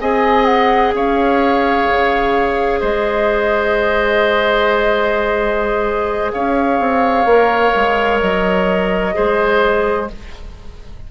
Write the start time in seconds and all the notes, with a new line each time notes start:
0.00 C4 G#4 D#5 G#5
0.45 F#5
0.93 C#4 C#5 F5
1.91 C#3
2.80 G#3 C5 D#5
6.32 C#4 C#5 F5
6.79 C4
7.25 A#3 A#4
7.75 G#3
8.20 F#3 D#5
9.13 G#3 G#4 C5